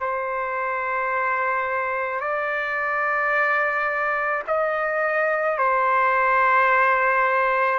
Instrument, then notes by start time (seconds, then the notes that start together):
trumpet
0.00 C5
2.20 D5
4.47 D#5
5.58 C5